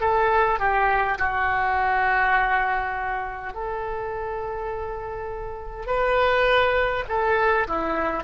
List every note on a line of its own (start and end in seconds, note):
0.00 0.59 A4
0.59 1.18 G4
1.18 3.53 F#4
3.53 5.86 A4
5.86 7.04 B4
7.08 7.67 A4
7.67 8.24 E4